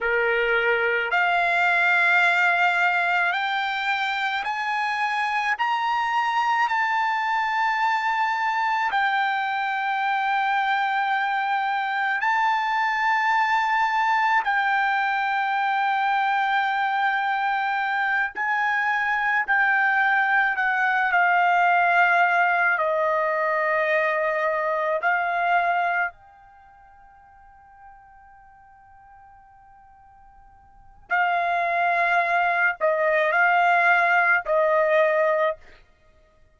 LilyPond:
\new Staff \with { instrumentName = "trumpet" } { \time 4/4 \tempo 4 = 54 ais'4 f''2 g''4 | gis''4 ais''4 a''2 | g''2. a''4~ | a''4 g''2.~ |
g''8 gis''4 g''4 fis''8 f''4~ | f''8 dis''2 f''4 g''8~ | g''1 | f''4. dis''8 f''4 dis''4 | }